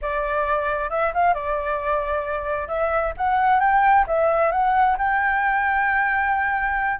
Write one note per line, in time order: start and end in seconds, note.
0.01 0.90 D5
0.90 1.12 E5
1.13 1.33 F5
1.33 2.68 D5
2.68 3.13 E5
3.17 3.60 F#5
3.60 4.05 G5
4.07 4.51 E5
4.51 4.96 F#5
4.98 6.99 G5